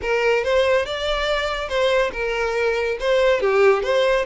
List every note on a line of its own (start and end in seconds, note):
0.01 0.44 A#4
0.44 0.85 C5
0.85 1.68 D5
1.68 2.11 C5
2.12 2.97 A#4
2.99 3.40 C5
3.40 3.83 G4
3.83 4.25 C5